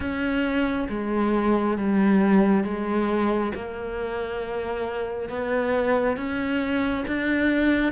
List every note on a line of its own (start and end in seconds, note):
0.00 0.87 C#4
0.89 1.77 G#3
1.77 2.64 G3
2.64 3.52 G#3
3.54 5.29 A#3
5.29 6.16 B3
6.16 7.05 C#4
7.07 7.92 D4